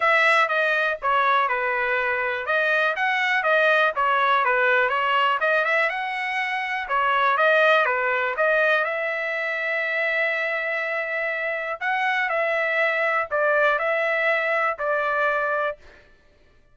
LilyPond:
\new Staff \with { instrumentName = "trumpet" } { \time 4/4 \tempo 4 = 122 e''4 dis''4 cis''4 b'4~ | b'4 dis''4 fis''4 dis''4 | cis''4 b'4 cis''4 dis''8 e''8 | fis''2 cis''4 dis''4 |
b'4 dis''4 e''2~ | e''1 | fis''4 e''2 d''4 | e''2 d''2 | }